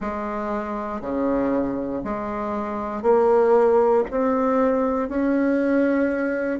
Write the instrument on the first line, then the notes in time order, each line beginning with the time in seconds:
bassoon
0.00 G#3
1.01 C#3
2.03 G#3
3.02 A#3
4.10 C4
5.08 C#4